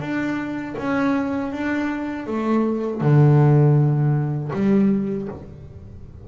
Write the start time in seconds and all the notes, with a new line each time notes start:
0.00 D4
0.78 C#4
1.52 D4
2.27 A3
3.01 D3
4.53 G3